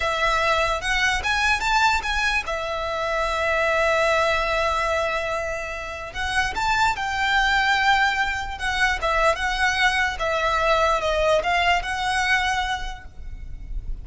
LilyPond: \new Staff \with { instrumentName = "violin" } { \time 4/4 \tempo 4 = 147 e''2 fis''4 gis''4 | a''4 gis''4 e''2~ | e''1~ | e''2. fis''4 |
a''4 g''2.~ | g''4 fis''4 e''4 fis''4~ | fis''4 e''2 dis''4 | f''4 fis''2. | }